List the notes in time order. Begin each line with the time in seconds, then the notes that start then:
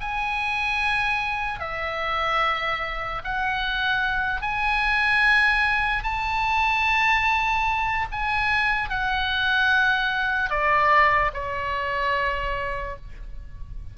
0.00 G#5
1.60 E5
3.24 F#5
4.42 G#5
6.03 A5
8.11 G#5
8.89 F#5
10.50 D5
11.33 C#5